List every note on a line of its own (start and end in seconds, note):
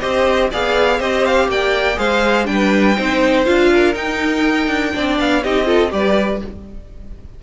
0.00 0.52 C4
0.00 0.50 G4
0.00 0.50 C5
0.00 0.49 D#5
0.51 1.00 B3
0.51 1.00 G#4
0.51 0.99 D5
0.51 1.01 F5
0.99 1.48 C4
0.99 1.96 G4
0.99 1.48 C5
0.99 1.25 D#5
1.25 1.50 F5
1.48 1.98 A#3
1.48 1.98 D5
1.48 1.99 G5
1.96 2.48 G#3
1.96 2.45 G#4
1.96 2.48 C5
1.96 2.46 F5
2.45 2.97 G3
2.45 2.94 D4
2.45 3.45 G5
2.52 2.97 B4
2.97 3.47 C4
2.97 3.45 D#4
2.97 3.70 C5
3.45 3.95 D4
3.45 3.93 F4
3.45 3.94 F5
3.72 4.95 A#4
3.93 4.92 D#4
3.93 4.68 D#4
3.93 5.18 G5
4.68 4.92 D4
4.93 5.20 C4
4.93 5.42 D4
4.93 5.44 D5
5.19 5.44 B3
5.19 5.43 F5
5.43 5.92 C4
5.43 5.65 D#4
5.43 5.67 G4
5.43 5.92 D#5
5.65 5.90 F4
5.65 5.91 A4
5.90 6.41 G3
5.90 6.39 G4
5.90 6.43 B4
5.90 6.42 D5